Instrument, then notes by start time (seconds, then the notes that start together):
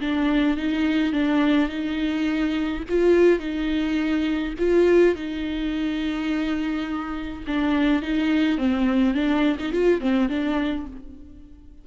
viola
0.00 D4
0.57 D#4
1.12 D4
1.69 D#4
2.89 F4
3.39 D#4
4.58 F4
5.15 D#4
7.47 D4
8.02 D#4
8.57 C4
9.14 D4
9.59 D#4
9.72 F4
10.01 C4
10.29 D4